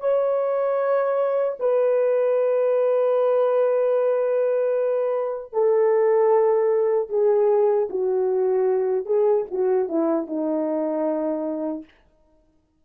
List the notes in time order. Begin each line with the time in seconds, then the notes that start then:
0.00 C#5
1.60 B4
5.53 A4
7.09 G#4
7.89 F#4
9.06 G#4
9.51 F#4
9.89 E4
10.27 D#4